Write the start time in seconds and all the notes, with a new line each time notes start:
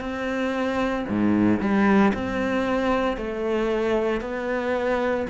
0.00 C4
1.09 G#2
1.60 G3
2.13 C4
3.17 A3
4.21 B3